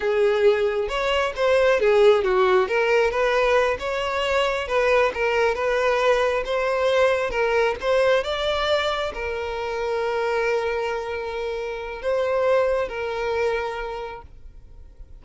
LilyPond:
\new Staff \with { instrumentName = "violin" } { \time 4/4 \tempo 4 = 135 gis'2 cis''4 c''4 | gis'4 fis'4 ais'4 b'4~ | b'8 cis''2 b'4 ais'8~ | ais'8 b'2 c''4.~ |
c''8 ais'4 c''4 d''4.~ | d''8 ais'2.~ ais'8~ | ais'2. c''4~ | c''4 ais'2. | }